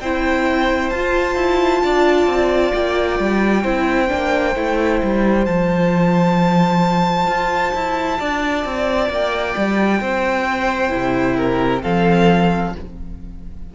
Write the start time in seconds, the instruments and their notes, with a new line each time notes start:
0.00 cello C4, viola E4, violin C5 G5
0.89 cello F4, viola F4, violin A5
1.35 cello E4
1.83 cello D4, violin D5
2.26 cello C4
2.74 cello A#3, violin G5
3.19 cello G3
3.63 cello C4, viola E4, violin C5
4.08 cello A#3, viola D4
4.55 cello A3, viola E4
5.02 cello G3
5.45 cello F3, viola F4, violin A5
7.27 cello F4
7.74 cello E4
8.19 cello D4, violin D5
8.65 cello C4
9.09 cello A#3, violin G5
9.56 cello G3
10.01 cello C4, violin C5
10.89 cello C3, viola E4
11.36 violin A#4
11.82 cello F3, viola C4, violin A4 F5